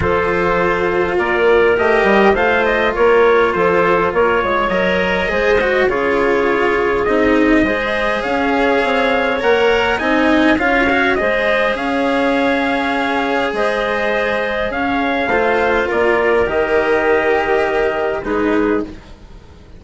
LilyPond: <<
  \new Staff \with { instrumentName = "trumpet" } { \time 4/4 \tempo 4 = 102 c''2 d''4 dis''4 | f''8 dis''8 cis''4 c''4 cis''4 | dis''2 cis''2 | dis''2 f''2 |
fis''4 gis''4 f''4 dis''4 | f''2. dis''4~ | dis''4 f''2 d''4 | dis''2. b'4 | }
  \new Staff \with { instrumentName = "clarinet" } { \time 4/4 a'2 ais'2 | c''4 ais'4 a'4 ais'8 cis''8~ | cis''4 c''4 gis'2~ | gis'4 c''4 cis''2~ |
cis''4 dis''4 cis''4 c''4 | cis''2. c''4~ | c''4 cis''4 c''4 ais'4~ | ais'2. gis'4 | }
  \new Staff \with { instrumentName = "cello" } { \time 4/4 f'2. g'4 | f'1 | ais'4 gis'8 fis'8 f'2 | dis'4 gis'2. |
ais'4 dis'4 f'8 fis'8 gis'4~ | gis'1~ | gis'2 f'2 | g'2. dis'4 | }
  \new Staff \with { instrumentName = "bassoon" } { \time 4/4 f2 ais4 a8 g8 | a4 ais4 f4 ais8 gis8 | fis4 gis4 cis2 | c'4 gis4 cis'4 c'4 |
ais4 c'4 cis'4 gis4 | cis'2. gis4~ | gis4 cis'4 a4 ais4 | dis2. gis4 | }
>>